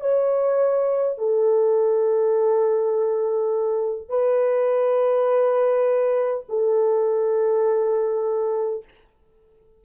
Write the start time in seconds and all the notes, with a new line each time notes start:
0.00 C#5
1.18 A4
4.09 B4
6.49 A4